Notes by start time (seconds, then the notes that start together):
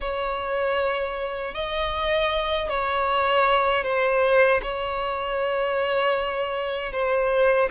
0.00 C#5
1.54 D#5
2.69 C#5
3.83 C5
4.62 C#5
6.92 C5